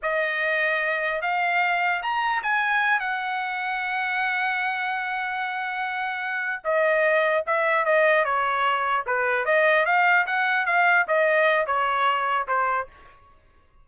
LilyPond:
\new Staff \with { instrumentName = "trumpet" } { \time 4/4 \tempo 4 = 149 dis''2. f''4~ | f''4 ais''4 gis''4. fis''8~ | fis''1~ | fis''1~ |
fis''8 dis''2 e''4 dis''8~ | dis''8 cis''2 b'4 dis''8~ | dis''8 f''4 fis''4 f''4 dis''8~ | dis''4 cis''2 c''4 | }